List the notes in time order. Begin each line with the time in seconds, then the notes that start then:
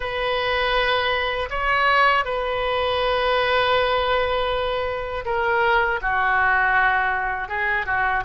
0.00 B4
1.50 C#5
2.25 B4
5.25 A#4
6.01 F#4
7.48 G#4
7.86 F#4